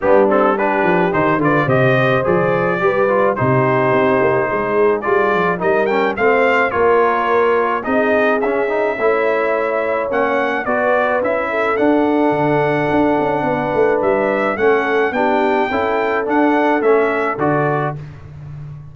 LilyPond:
<<
  \new Staff \with { instrumentName = "trumpet" } { \time 4/4 \tempo 4 = 107 g'8 a'8 b'4 c''8 d''8 dis''4 | d''2 c''2~ | c''4 d''4 dis''8 g''8 f''4 | cis''2 dis''4 e''4~ |
e''2 fis''4 d''4 | e''4 fis''2.~ | fis''4 e''4 fis''4 g''4~ | g''4 fis''4 e''4 d''4 | }
  \new Staff \with { instrumentName = "horn" } { \time 4/4 d'4 g'4. b'8 c''4~ | c''4 b'4 g'2 | gis'2 ais'4 c''4 | ais'2 gis'2 |
cis''2. b'4~ | b'8 a'2.~ a'8 | b'2 a'4 g'4 | a'1 | }
  \new Staff \with { instrumentName = "trombone" } { \time 4/4 b8 c'8 d'4 dis'8 f'8 g'4 | gis'4 g'8 f'8 dis'2~ | dis'4 f'4 dis'8 cis'8 c'4 | f'2 dis'4 cis'8 dis'8 |
e'2 cis'4 fis'4 | e'4 d'2.~ | d'2 cis'4 d'4 | e'4 d'4 cis'4 fis'4 | }
  \new Staff \with { instrumentName = "tuba" } { \time 4/4 g4. f8 dis8 d8 c4 | f4 g4 c4 c'8 ais8 | gis4 g8 f8 g4 a4 | ais2 c'4 cis'4 |
a2 ais4 b4 | cis'4 d'4 d4 d'8 cis'8 | b8 a8 g4 a4 b4 | cis'4 d'4 a4 d4 | }
>>